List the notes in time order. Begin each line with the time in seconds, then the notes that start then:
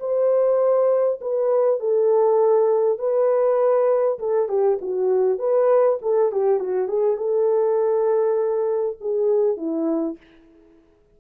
0.00 C5
1.21 B4
1.80 A4
2.99 B4
4.19 A4
4.49 G4
4.82 F#4
5.39 B4
6.02 A4
6.32 G4
6.60 F#4
6.88 G#4
7.18 A4
9.01 G#4
9.57 E4